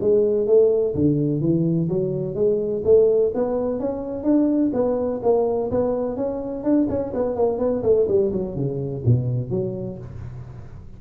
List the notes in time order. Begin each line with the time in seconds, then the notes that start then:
0.00 G#3
0.47 A3
0.94 D3
1.40 E3
1.88 F#3
2.34 G#3
2.84 A3
3.34 B3
3.79 C#4
4.23 D4
4.73 B3
5.22 A#3
5.70 B3
6.16 C#4
6.63 D4
6.89 C#4
7.13 B3
7.35 A#3
7.58 B3
7.82 A3
8.08 G3
8.32 F#3
8.55 C#3
9.05 B2
9.50 F#3